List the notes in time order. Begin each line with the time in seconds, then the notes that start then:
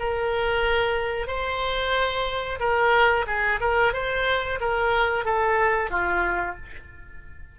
0.00 A#4
1.28 C5
2.60 A#4
3.27 G#4
3.61 A#4
3.94 C5
4.61 A#4
5.25 A4
5.91 F4